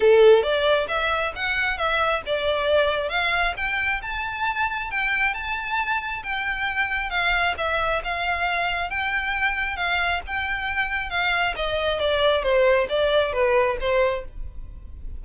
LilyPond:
\new Staff \with { instrumentName = "violin" } { \time 4/4 \tempo 4 = 135 a'4 d''4 e''4 fis''4 | e''4 d''2 f''4 | g''4 a''2 g''4 | a''2 g''2 |
f''4 e''4 f''2 | g''2 f''4 g''4~ | g''4 f''4 dis''4 d''4 | c''4 d''4 b'4 c''4 | }